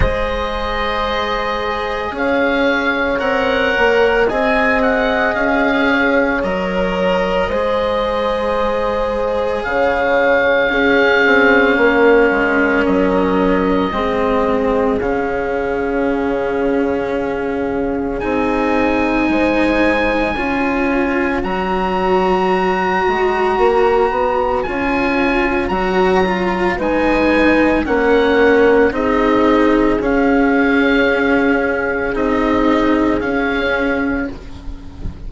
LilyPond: <<
  \new Staff \with { instrumentName = "oboe" } { \time 4/4 \tempo 4 = 56 dis''2 f''4 fis''4 | gis''8 fis''8 f''4 dis''2~ | dis''4 f''2. | dis''2 f''2~ |
f''4 gis''2. | ais''2. gis''4 | ais''4 gis''4 fis''4 dis''4 | f''2 dis''4 f''4 | }
  \new Staff \with { instrumentName = "horn" } { \time 4/4 c''2 cis''2 | dis''4. cis''4. c''4~ | c''4 cis''4 gis'4 ais'4~ | ais'4 gis'2.~ |
gis'2 c''4 cis''4~ | cis''1~ | cis''4 b'4 ais'4 gis'4~ | gis'1 | }
  \new Staff \with { instrumentName = "cello" } { \time 4/4 gis'2. ais'4 | gis'2 ais'4 gis'4~ | gis'2 cis'2~ | cis'4 c'4 cis'2~ |
cis'4 dis'2 f'4 | fis'2. f'4 | fis'8 f'8 dis'4 cis'4 dis'4 | cis'2 dis'4 cis'4 | }
  \new Staff \with { instrumentName = "bassoon" } { \time 4/4 gis2 cis'4 c'8 ais8 | c'4 cis'4 fis4 gis4~ | gis4 cis4 cis'8 c'8 ais8 gis8 | fis4 gis4 cis2~ |
cis4 c'4 gis4 cis'4 | fis4. gis8 ais8 b8 cis'4 | fis4 gis4 ais4 c'4 | cis'2 c'4 cis'4 | }
>>